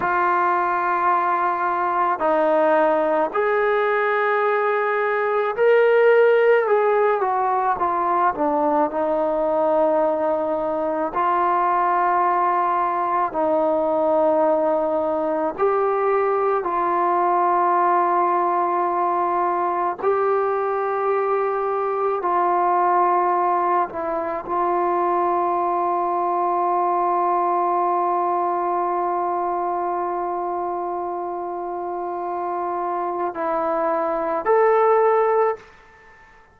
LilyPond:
\new Staff \with { instrumentName = "trombone" } { \time 4/4 \tempo 4 = 54 f'2 dis'4 gis'4~ | gis'4 ais'4 gis'8 fis'8 f'8 d'8 | dis'2 f'2 | dis'2 g'4 f'4~ |
f'2 g'2 | f'4. e'8 f'2~ | f'1~ | f'2 e'4 a'4 | }